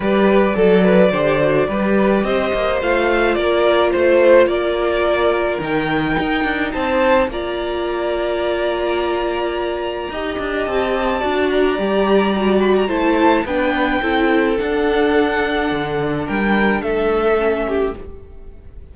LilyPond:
<<
  \new Staff \with { instrumentName = "violin" } { \time 4/4 \tempo 4 = 107 d''1 | dis''4 f''4 d''4 c''4 | d''2 g''2 | a''4 ais''2.~ |
ais''2. a''4~ | a''8 ais''2 b''16 ais''16 a''4 | g''2 fis''2~ | fis''4 g''4 e''2 | }
  \new Staff \with { instrumentName = "violin" } { \time 4/4 b'4 a'8 b'8 c''4 b'4 | c''2 ais'4 c''4 | ais'1 | c''4 d''2.~ |
d''2 dis''2 | d''2. c''4 | b'4 a'2.~ | a'4 ais'4 a'4. g'8 | }
  \new Staff \with { instrumentName = "viola" } { \time 4/4 g'4 a'4 g'8 fis'8 g'4~ | g'4 f'2.~ | f'2 dis'2~ | dis'4 f'2.~ |
f'2 g'2 | fis'4 g'4 fis'4 e'4 | d'4 e'4 d'2~ | d'2. cis'4 | }
  \new Staff \with { instrumentName = "cello" } { \time 4/4 g4 fis4 d4 g4 | c'8 ais8 a4 ais4 a4 | ais2 dis4 dis'8 d'8 | c'4 ais2.~ |
ais2 dis'8 d'8 c'4 | d'4 g2 a4 | b4 c'4 d'2 | d4 g4 a2 | }
>>